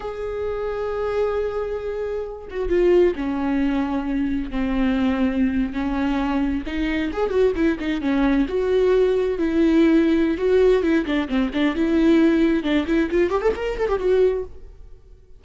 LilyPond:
\new Staff \with { instrumentName = "viola" } { \time 4/4 \tempo 4 = 133 gis'1~ | gis'4. fis'8 f'4 cis'4~ | cis'2 c'2~ | c'8. cis'2 dis'4 gis'16~ |
gis'16 fis'8 e'8 dis'8 cis'4 fis'4~ fis'16~ | fis'8. e'2~ e'16 fis'4 | e'8 d'8 c'8 d'8 e'2 | d'8 e'8 f'8 g'16 a'16 ais'8 a'16 g'16 fis'4 | }